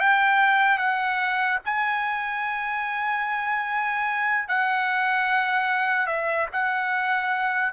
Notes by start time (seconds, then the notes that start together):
0.00 G5
0.78 F#5
1.65 G#5
4.49 F#5
6.07 E5
6.53 F#5